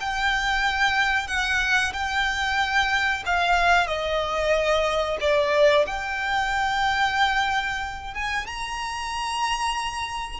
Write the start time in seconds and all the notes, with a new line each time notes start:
0.00 G5
1.27 F#5
1.93 G5
3.26 F5
3.87 D#5
5.21 D5
5.87 G5
8.14 G#5
8.47 A#5